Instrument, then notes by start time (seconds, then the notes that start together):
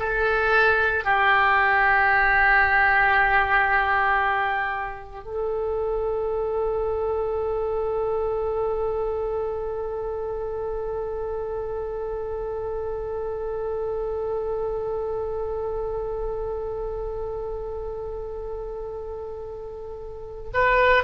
oboe
0.00 A4
1.05 G4
5.25 A4
20.54 B4